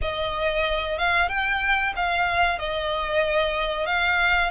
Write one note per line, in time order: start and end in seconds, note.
0.01 0.98 D#5
0.98 1.28 F5
1.28 1.93 G5
1.96 2.58 F5
2.58 3.86 D#5
3.86 4.50 F5